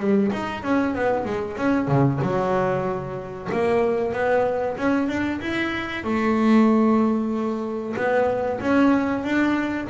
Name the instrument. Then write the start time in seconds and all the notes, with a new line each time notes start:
double bass
0.00 G3
0.32 D#4
0.63 C#4
0.95 B3
1.26 G#3
1.58 C#4
1.88 C#3
2.23 F#3
3.52 A#3
4.13 B3
4.78 C#4
5.09 D4
5.41 E4
6.04 A3
7.97 B3
8.61 C#4
9.24 D4